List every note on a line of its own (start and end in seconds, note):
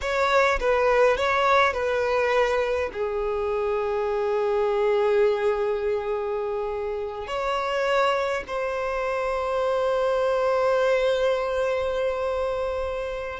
0.01 0.59 C#5
0.60 1.17 B4
1.17 1.73 C#5
1.73 2.89 B4
2.93 7.27 G#4
7.27 8.43 C#5
8.47 13.39 C5